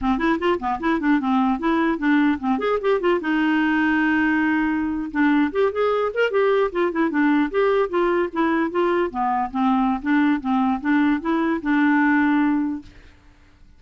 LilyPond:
\new Staff \with { instrumentName = "clarinet" } { \time 4/4 \tempo 4 = 150 c'8 e'8 f'8 b8 e'8 d'8 c'4 | e'4 d'4 c'8 gis'8 g'8 f'8 | dis'1~ | dis'8. d'4 g'8 gis'4 ais'8 g'16~ |
g'8. f'8 e'8 d'4 g'4 f'16~ | f'8. e'4 f'4 b4 c'16~ | c'4 d'4 c'4 d'4 | e'4 d'2. | }